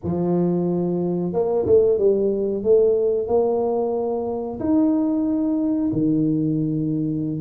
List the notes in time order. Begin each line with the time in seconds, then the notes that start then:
0.03 F3
1.32 A#3
1.66 A3
1.98 G3
2.63 A3
3.27 A#3
4.59 D#4
5.93 D#3